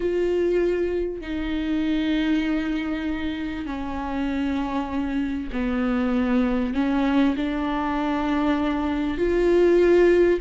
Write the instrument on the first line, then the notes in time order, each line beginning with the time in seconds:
viola
0.00 F4
1.21 D#4
3.66 C#4
5.52 B3
6.74 C#4
7.36 D4
9.17 F4